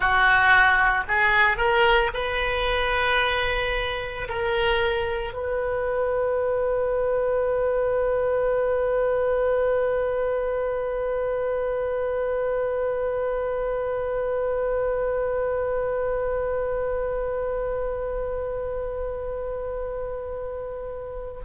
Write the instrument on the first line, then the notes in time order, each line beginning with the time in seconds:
oboe
0.00 F#4
1.08 G#4
1.57 A#4
2.13 B4
4.29 A#4
5.33 B4